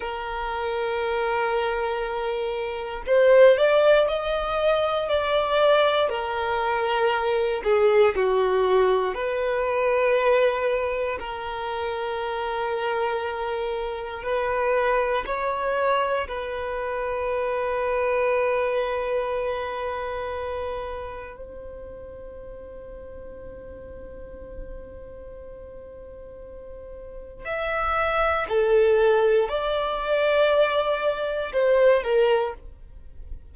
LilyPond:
\new Staff \with { instrumentName = "violin" } { \time 4/4 \tempo 4 = 59 ais'2. c''8 d''8 | dis''4 d''4 ais'4. gis'8 | fis'4 b'2 ais'4~ | ais'2 b'4 cis''4 |
b'1~ | b'4 c''2.~ | c''2. e''4 | a'4 d''2 c''8 ais'8 | }